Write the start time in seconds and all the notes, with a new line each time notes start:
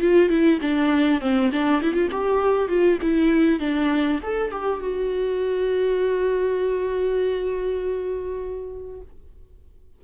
0.00 F4
0.29 E4
0.61 D4
1.20 C4
1.52 D4
1.82 E4
1.93 F4
2.11 G4
2.68 F4
3.01 E4
3.59 D4
4.22 A4
4.51 G4
4.81 F#4